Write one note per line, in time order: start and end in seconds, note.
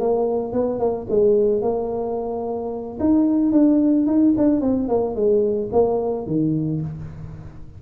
0.00 0.53 A#3
0.53 0.80 B3
0.80 1.07 A#3
1.10 1.62 G#3
1.62 2.99 A#3
3.00 3.52 D#4
3.52 4.07 D4
4.07 4.34 D#4
4.37 4.61 D4
4.61 4.88 C4
4.88 5.16 A#3
5.16 5.70 G#3
5.72 6.27 A#3
6.27 6.81 D#3